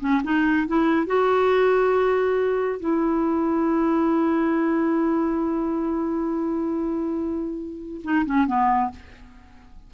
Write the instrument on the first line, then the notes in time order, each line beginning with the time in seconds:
clarinet
0.00 C#4
0.24 D#4
0.67 E4
1.07 F#4
2.80 E4
8.04 D#4
8.26 C#4
8.47 B3